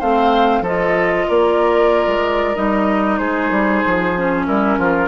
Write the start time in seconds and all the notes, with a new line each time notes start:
0.00 A3 C4 C5 F5
0.61 F3 F4 A4 D#5
1.28 A#3 A#4 D5
2.07 G#3
2.55 G3 D#4 D#5
3.18 G#3 G#4 C5
3.51 G3
3.86 F3
4.16 C#4
4.47 G3 E4 A#4
4.78 F3 F4